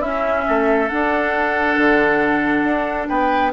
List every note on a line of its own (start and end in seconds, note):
0.00 0.45 C#4
0.00 0.89 C#4
0.00 0.44 E4
0.00 0.88 E5
0.48 0.92 A3
0.48 3.08 A4
0.88 3.52 D4
0.88 1.77 D4
0.88 3.07 F#5
1.77 2.64 D3
2.64 3.07 D4
3.08 3.52 B3
3.08 3.52 B4
3.08 3.52 G5